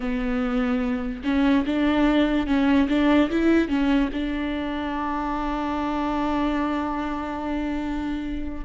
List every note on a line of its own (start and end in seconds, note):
0.00 1.23 B3
1.23 1.64 C#4
1.66 2.47 D4
2.47 2.88 C#4
2.88 3.30 D4
3.30 3.68 E4
3.68 4.09 C#4
4.12 8.65 D4